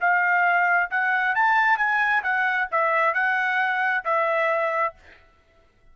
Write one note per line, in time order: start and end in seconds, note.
0.00 0.90 F5
0.91 1.35 F#5
1.35 1.77 A5
1.77 2.22 G#5
2.23 2.68 F#5
2.71 3.14 E5
3.14 4.04 F#5
4.04 4.95 E5